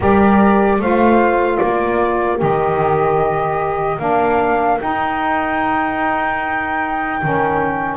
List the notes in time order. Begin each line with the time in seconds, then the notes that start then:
0.00 G3 G4 A#4 D5
0.78 A3 F4 C5 F5
1.57 A#3 A#4 D5
2.37 D#3 G4 D#5
3.98 A#3 D4 F5
4.79 D#4 G5
7.22 D#3 C#4